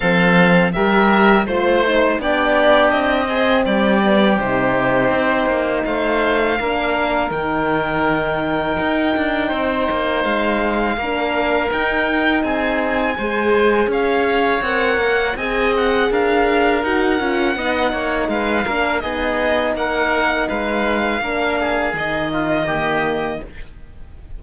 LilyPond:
<<
  \new Staff \with { instrumentName = "violin" } { \time 4/4 \tempo 4 = 82 f''4 e''4 c''4 d''4 | dis''4 d''4 c''2 | f''2 g''2~ | g''2 f''2 |
g''4 gis''2 f''4 | fis''4 gis''8 fis''8 f''4 fis''4~ | fis''4 f''4 dis''4 fis''4 | f''2 dis''2 | }
  \new Staff \with { instrumentName = "oboe" } { \time 4/4 a'4 ais'4 c''4 g'4~ | g'8 gis'8 g'2. | c''4 ais'2.~ | ais'4 c''2 ais'4~ |
ais'4 gis'4 c''4 cis''4~ | cis''4 dis''4 ais'2 | dis''8 cis''8 b'8 ais'8 gis'4 ais'4 | b'4 ais'8 gis'4 f'8 g'4 | }
  \new Staff \with { instrumentName = "horn" } { \time 4/4 c'4 g'4 f'8 dis'8 d'4~ | d'8 c'4 b8 dis'2~ | dis'4 d'4 dis'2~ | dis'2. d'4 |
dis'2 gis'2 | ais'4 gis'2 fis'8 f'8 | dis'4. d'8 dis'2~ | dis'4 d'4 dis'4 ais4 | }
  \new Staff \with { instrumentName = "cello" } { \time 4/4 f4 g4 a4 b4 | c'4 g4 c4 c'8 ais8 | a4 ais4 dis2 | dis'8 d'8 c'8 ais8 gis4 ais4 |
dis'4 c'4 gis4 cis'4 | c'8 ais8 c'4 d'4 dis'8 cis'8 | b8 ais8 gis8 ais8 b4 ais4 | gis4 ais4 dis2 | }
>>